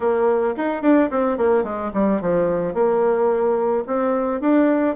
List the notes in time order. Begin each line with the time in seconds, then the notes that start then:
0.00 A#3
0.56 D#4
0.82 D4
1.10 C4
1.37 A#3
1.63 G#3
1.93 G3
2.21 F3
2.74 A#3
3.87 C4
4.40 D4